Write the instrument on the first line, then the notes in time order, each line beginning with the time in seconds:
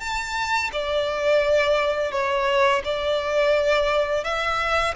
violin
0.00 A5
0.73 D5
2.12 C#5
2.85 D5
4.24 E5